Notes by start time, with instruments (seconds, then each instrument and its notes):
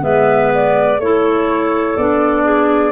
0.00 tuba G#3, clarinet B3 B4, flute E5
0.54 flute D5
0.98 tuba A3, clarinet E4 A4, flute C#5
1.97 tuba B3, clarinet D4, flute D5
2.44 clarinet G#4